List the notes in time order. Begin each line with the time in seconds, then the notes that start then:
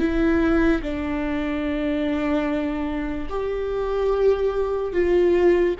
0.00 E4
0.83 D4
3.30 G4
4.93 F4